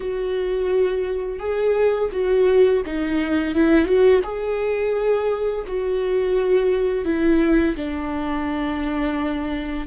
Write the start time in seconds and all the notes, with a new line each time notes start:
0.00 F#4
1.39 G#4
2.12 F#4
2.85 D#4
3.54 E4
3.85 F#4
4.23 G#4
5.67 F#4
7.05 E4
7.76 D4